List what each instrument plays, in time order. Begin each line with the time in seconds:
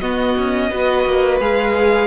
0.00 cello B3, viola B3, violin F#4 D#5
0.37 cello C#4
0.70 cello B3, viola F#4, violin B4
1.05 cello A#3
1.40 cello G#3, viola G#4, violin F5